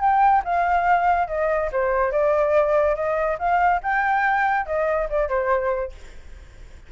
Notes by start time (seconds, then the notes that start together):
0.00 G5
0.45 F5
1.28 D#5
1.72 C5
2.12 D5
2.95 D#5
3.39 F5
3.83 G5
4.66 D#5
5.10 D5
5.29 C5